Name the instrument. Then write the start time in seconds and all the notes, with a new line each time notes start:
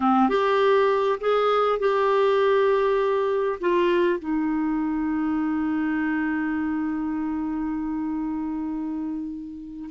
clarinet
0.00 C4
0.29 G4
1.20 G#4
1.79 G4
3.60 F4
4.19 D#4